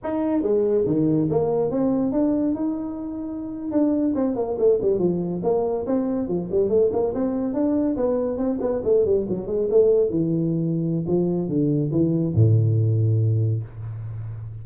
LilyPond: \new Staff \with { instrumentName = "tuba" } { \time 4/4 \tempo 4 = 141 dis'4 gis4 dis4 ais4 | c'4 d'4 dis'2~ | dis'8. d'4 c'8 ais8 a8 g8 f16~ | f8. ais4 c'4 f8 g8 a16~ |
a16 ais8 c'4 d'4 b4 c'16~ | c'16 b8 a8 g8 fis8 gis8 a4 e16~ | e2 f4 d4 | e4 a,2. | }